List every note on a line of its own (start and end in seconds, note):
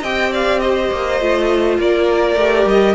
0.00 0.90 C4
0.00 1.19 G4
0.00 0.29 D#5
0.00 0.32 G5
0.31 0.60 D5
0.31 0.59 F5
0.59 1.79 C5
0.59 1.77 D#5
0.91 1.20 A#3
1.19 1.78 A3
1.19 2.37 F4
1.78 2.35 A#3
1.78 2.94 A#4
1.78 2.68 D5
2.35 2.65 A3
2.35 2.94 G4
2.65 2.94 G3
2.65 2.94 D#5